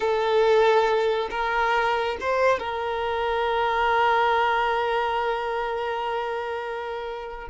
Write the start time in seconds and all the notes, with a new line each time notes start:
0.00 A4
1.30 A#4
2.20 C5
2.59 A#4